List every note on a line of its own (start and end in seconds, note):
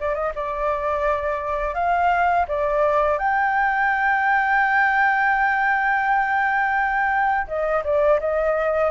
0.00 0.14 D5
0.14 0.32 D#5
0.35 1.74 D5
1.74 2.46 F5
2.48 3.19 D5
3.19 7.47 G5
7.47 7.83 D#5
7.84 8.19 D5
8.20 8.91 D#5